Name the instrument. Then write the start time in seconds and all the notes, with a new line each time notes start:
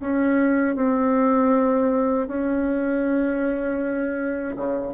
bassoon
0.00 C#4
0.76 C4
2.28 C#4
4.57 C#3